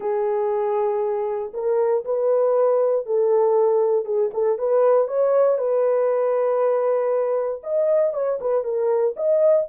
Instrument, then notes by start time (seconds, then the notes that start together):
horn
0.00 G#4
1.53 A#4
2.04 B4
3.06 A4
4.05 G#4
4.33 A4
4.58 B4
5.07 C#5
5.57 B4
7.63 D#5
8.13 C#5
8.40 B4
8.63 A#4
9.16 D#5